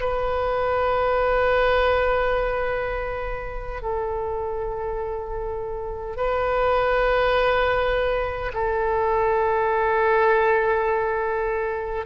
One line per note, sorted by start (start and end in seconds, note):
0.00 3.82 B4
3.82 6.17 A4
6.17 8.52 B4
8.53 12.05 A4